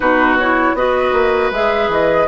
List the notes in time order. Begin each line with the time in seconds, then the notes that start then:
0.00 B2 D#4 F#4 B4
0.38 E4 C#5
0.73 B3 F#4 B4 D#5
1.12 A#3
1.51 G#3 G#4 E5
1.88 E3 D#5